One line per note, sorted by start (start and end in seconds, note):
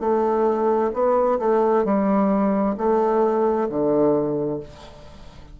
0.00 0.91 A3
0.93 1.38 B3
1.39 1.84 A3
1.84 2.75 G3
2.77 3.68 A3
3.69 4.60 D3